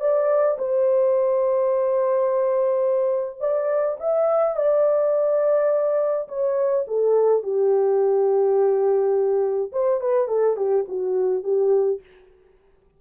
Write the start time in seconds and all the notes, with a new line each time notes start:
0.00 D5
0.58 C5
3.40 D5
4.00 E5
4.56 D5
6.28 C#5
6.87 A4
7.43 G4
9.72 C5
10.01 B4
10.28 A4
10.56 G4
10.88 F#4
11.43 G4